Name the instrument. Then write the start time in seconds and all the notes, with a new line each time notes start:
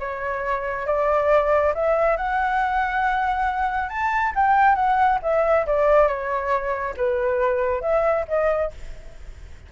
flute
0.00 C#5
0.87 D5
1.75 E5
2.17 F#5
3.90 A5
4.36 G5
4.75 F#5
5.23 E5
5.67 D5
6.08 C#5
6.97 B4
7.82 E5
8.28 D#5